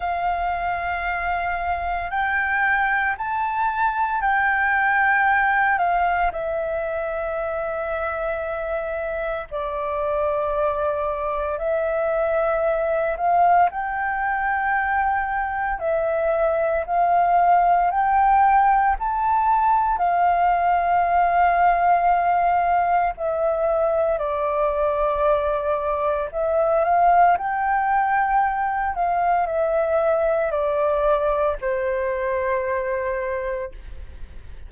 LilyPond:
\new Staff \with { instrumentName = "flute" } { \time 4/4 \tempo 4 = 57 f''2 g''4 a''4 | g''4. f''8 e''2~ | e''4 d''2 e''4~ | e''8 f''8 g''2 e''4 |
f''4 g''4 a''4 f''4~ | f''2 e''4 d''4~ | d''4 e''8 f''8 g''4. f''8 | e''4 d''4 c''2 | }